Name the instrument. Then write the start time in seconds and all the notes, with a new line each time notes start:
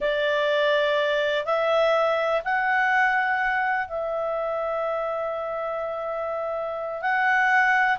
clarinet
0.00 D5
1.45 E5
2.44 F#5
3.87 E5
7.01 F#5